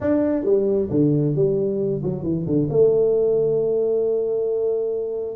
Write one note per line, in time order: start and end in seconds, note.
0.01 0.44 D4
0.44 0.89 G3
0.90 1.35 D3
1.35 2.02 G3
2.03 2.23 F#3
2.23 2.45 E3
2.46 2.68 D3
2.69 5.36 A3